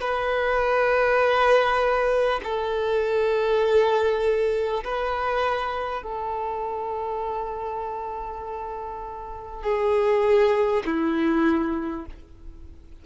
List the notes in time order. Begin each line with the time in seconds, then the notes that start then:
0.00 B4
2.43 A4
4.84 B4
6.02 A4
9.62 G#4
10.85 E4